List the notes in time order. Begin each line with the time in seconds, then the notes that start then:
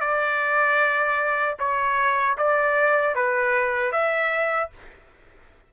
0.00 D5
1.59 C#5
2.37 D5
3.15 B4
3.92 E5